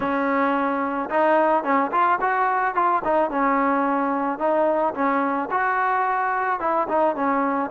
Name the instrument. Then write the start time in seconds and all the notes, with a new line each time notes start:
trombone
0.00 C#4
1.10 D#4
1.63 C#4
1.91 F4
2.20 F#4
2.74 F4
3.04 D#4
3.30 C#4
4.39 D#4
4.94 C#4
5.50 F#4
6.60 E4
6.88 D#4
7.15 C#4